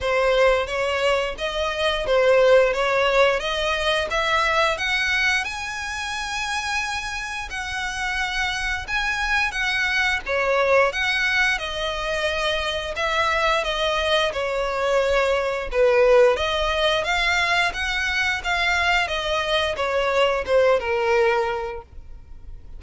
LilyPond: \new Staff \with { instrumentName = "violin" } { \time 4/4 \tempo 4 = 88 c''4 cis''4 dis''4 c''4 | cis''4 dis''4 e''4 fis''4 | gis''2. fis''4~ | fis''4 gis''4 fis''4 cis''4 |
fis''4 dis''2 e''4 | dis''4 cis''2 b'4 | dis''4 f''4 fis''4 f''4 | dis''4 cis''4 c''8 ais'4. | }